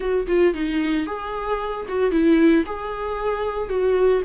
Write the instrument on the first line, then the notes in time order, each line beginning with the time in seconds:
viola
0.00 F#4
0.27 F4
0.53 D#4
1.06 G#4
1.88 F#4
2.11 E4
2.66 G#4
3.69 F#4